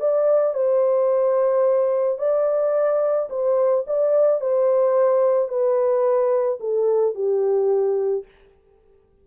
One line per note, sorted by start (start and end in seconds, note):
0.00 0.54 D5
0.54 2.19 C5
2.19 3.29 D5
3.30 3.85 C5
3.87 4.41 D5
4.41 5.48 C5
5.48 6.59 B4
6.60 7.15 A4
7.15 8.25 G4